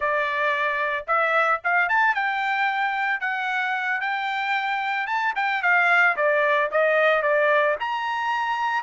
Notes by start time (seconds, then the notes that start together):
0.00 D5
1.07 E5
1.64 F5
1.88 A5
2.14 G5
3.20 F#5
4.01 G5
5.06 A5
5.35 G5
5.62 F5
6.16 D5
6.71 D#5
7.22 D5
7.79 A#5